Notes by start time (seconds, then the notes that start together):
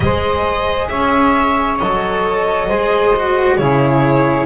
0.00 G#3 G#4 C5 D#5
0.88 C#4 C#5 E5
1.79 F#3 A4 D#5
2.67 G#3 G#4 C5
3.16 F#4
3.56 C#3 E4 G#4 C#5